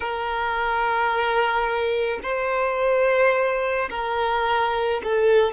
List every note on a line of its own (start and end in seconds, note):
0.00 2.19 A#4
2.22 3.89 C5
3.89 5.01 A#4
5.03 5.53 A4